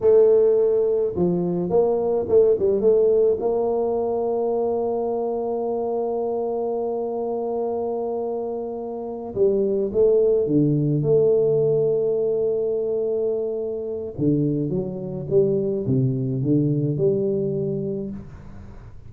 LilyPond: \new Staff \with { instrumentName = "tuba" } { \time 4/4 \tempo 4 = 106 a2 f4 ais4 | a8 g8 a4 ais2~ | ais1~ | ais1~ |
ais8 g4 a4 d4 a8~ | a1~ | a4 d4 fis4 g4 | c4 d4 g2 | }